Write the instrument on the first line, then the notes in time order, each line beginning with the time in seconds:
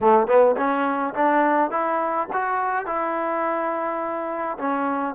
trombone
0.00 A3
0.27 B3
0.56 C#4
1.14 D4
1.70 E4
2.32 F#4
2.86 E4
4.57 C#4